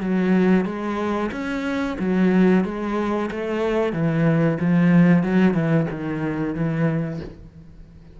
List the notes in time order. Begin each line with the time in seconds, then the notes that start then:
0.00 F#3
0.65 G#3
1.31 C#4
1.99 F#3
2.64 G#3
3.31 A3
3.93 E3
4.60 F3
5.23 F#3
5.54 E3
5.90 D#3
6.55 E3